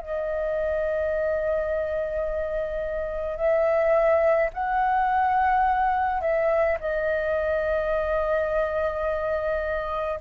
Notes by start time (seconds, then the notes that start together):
0.00 D#5
3.37 E5
4.54 F#5
6.22 E5
6.80 D#5